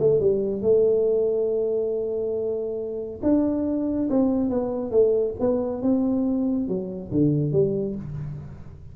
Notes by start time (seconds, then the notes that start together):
0.00 A3
0.21 G3
0.62 A3
3.23 D4
4.10 C4
4.50 B3
4.91 A3
5.40 B3
5.83 C4
6.68 F#3
7.12 D3
7.53 G3